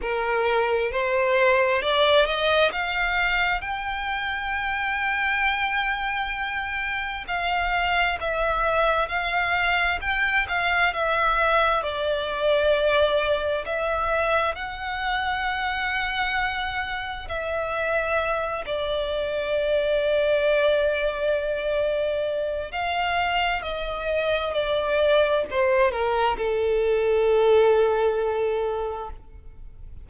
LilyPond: \new Staff \with { instrumentName = "violin" } { \time 4/4 \tempo 4 = 66 ais'4 c''4 d''8 dis''8 f''4 | g''1 | f''4 e''4 f''4 g''8 f''8 | e''4 d''2 e''4 |
fis''2. e''4~ | e''8 d''2.~ d''8~ | d''4 f''4 dis''4 d''4 | c''8 ais'8 a'2. | }